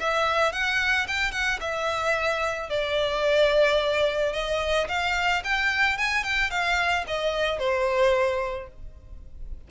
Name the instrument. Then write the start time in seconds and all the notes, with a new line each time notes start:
violin
0.00 E5
0.52 F#5
1.08 G5
1.32 F#5
1.60 E5
2.70 D5
4.33 D#5
4.88 F5
5.44 G5
5.98 G#5
6.24 G5
6.50 F5
7.07 D#5
7.59 C5